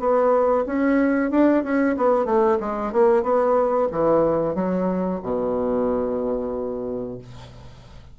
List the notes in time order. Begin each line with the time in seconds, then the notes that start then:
0.00 B3
0.66 C#4
1.31 D4
1.64 C#4
1.97 B3
2.26 A3
2.60 G#3
2.93 A#3
3.23 B3
3.92 E3
4.55 F#3
5.23 B2